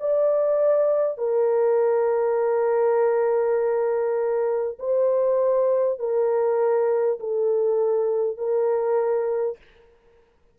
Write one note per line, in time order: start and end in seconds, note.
0.00 1.18 D5
1.18 4.78 A#4
4.79 5.99 C5
5.99 7.19 A#4
7.20 8.38 A4
8.38 9.58 A#4